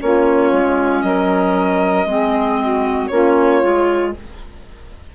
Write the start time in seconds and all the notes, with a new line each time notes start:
0.00 A#3 C#4 F4 C#5
0.52 G#3
1.02 F#3 A#4 D#5
2.06 G#3 C4 G#4
2.61 F#4
3.08 A#3 C#4 F4 C#5
3.62 G#3 F4